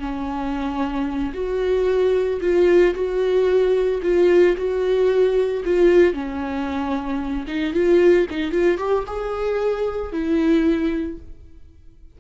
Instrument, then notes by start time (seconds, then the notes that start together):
viola
0.00 C#4
1.34 F#4
2.42 F4
2.95 F#4
4.03 F4
4.57 F#4
5.65 F4
6.14 C#4
7.48 D#4
7.74 F4
8.30 D#4
8.52 F4
8.78 G4
9.07 G#4
10.12 E4